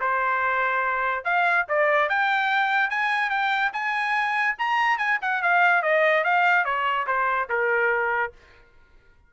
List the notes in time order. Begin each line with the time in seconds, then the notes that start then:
0.00 C5
1.24 F5
1.68 D5
2.09 G5
2.90 G#5
3.30 G5
3.73 G#5
4.58 A#5
4.98 G#5
5.21 F#5
5.42 F5
5.82 D#5
6.23 F5
6.65 C#5
7.07 C5
7.49 A#4